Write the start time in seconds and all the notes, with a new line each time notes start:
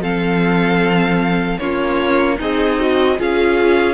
0.00 F3 C4 A4 F5
1.59 A#3 C#4 F4 C#5
2.37 C4 D#4 G#4 D#5
2.80 F#4
3.18 C#4 F4 G#4 F5